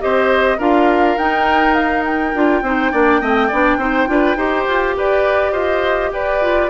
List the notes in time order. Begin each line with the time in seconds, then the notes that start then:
0.00 C4 G4 C5 D#5
0.58 D4 F4 A#4 F5
1.17 D#4 G5
1.74 F5
2.05 G5
2.34 D4 F4
2.62 C4 D#4 C5
2.92 A#3 D4 D5
3.21 A3 C4 D#5
3.48 B3 D4 D5
3.77 C4 D#4 C5
4.07 D4 F4 B4
4.36 D#4 G4 C5
4.68 F4
4.97 G4 B4 D5
5.52 F4 C5 D#5
6.11 G4 B4 D5
6.41 F4